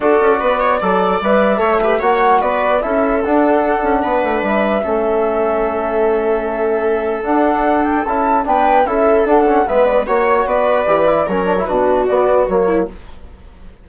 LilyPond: <<
  \new Staff \with { instrumentName = "flute" } { \time 4/4 \tempo 4 = 149 d''2. e''4~ | e''4 fis''4 d''4 e''4 | fis''2. e''4~ | e''1~ |
e''2 fis''4. g''8 | a''4 g''4 e''4 fis''4 | e''8 d''8 cis''4 d''2 | cis''4 b'4 d''4 cis''4 | }
  \new Staff \with { instrumentName = "viola" } { \time 4/4 a'4 b'8 cis''8 d''2 | cis''8 b'8 cis''4 b'4 a'4~ | a'2 b'2 | a'1~ |
a'1~ | a'4 b'4 a'2 | b'4 cis''4 b'2 | ais'4 fis'2~ fis'8 e'8 | }
  \new Staff \with { instrumentName = "trombone" } { \time 4/4 fis'2 a'4 b'4 | a'8 g'8 fis'2 e'4 | d'1 | cis'1~ |
cis'2 d'2 | e'4 d'4 e'4 d'8 cis'8 | b4 fis'2 g'8 e'8 | cis'8 d'16 e'16 d'4 b4 ais4 | }
  \new Staff \with { instrumentName = "bassoon" } { \time 4/4 d'8 cis'8 b4 fis4 g4 | a4 ais4 b4 cis'4 | d'4. cis'8 b8 a8 g4 | a1~ |
a2 d'2 | cis'4 b4 cis'4 d'4 | gis4 ais4 b4 e4 | fis4 b,4 b4 fis4 | }
>>